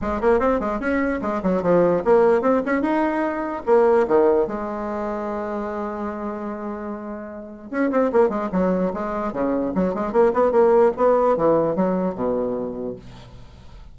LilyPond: \new Staff \with { instrumentName = "bassoon" } { \time 4/4 \tempo 4 = 148 gis8 ais8 c'8 gis8 cis'4 gis8 fis8 | f4 ais4 c'8 cis'8 dis'4~ | dis'4 ais4 dis4 gis4~ | gis1~ |
gis2. cis'8 c'8 | ais8 gis8 fis4 gis4 cis4 | fis8 gis8 ais8 b8 ais4 b4 | e4 fis4 b,2 | }